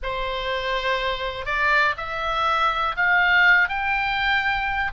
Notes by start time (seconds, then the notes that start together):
0.03 C5
1.45 D5
1.97 E5
2.96 F5
3.68 G5